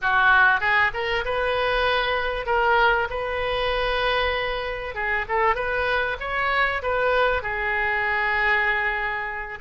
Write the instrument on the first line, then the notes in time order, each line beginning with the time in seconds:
oboe
0.01 F#4
0.60 G#4
0.93 A#4
1.24 B4
2.46 A#4
3.10 B4
4.95 G#4
5.28 A4
5.55 B4
6.20 C#5
6.82 B4
7.42 G#4